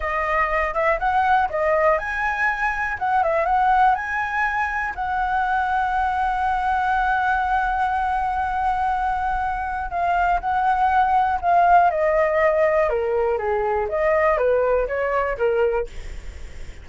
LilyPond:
\new Staff \with { instrumentName = "flute" } { \time 4/4 \tempo 4 = 121 dis''4. e''8 fis''4 dis''4 | gis''2 fis''8 e''8 fis''4 | gis''2 fis''2~ | fis''1~ |
fis''1 | f''4 fis''2 f''4 | dis''2 ais'4 gis'4 | dis''4 b'4 cis''4 ais'4 | }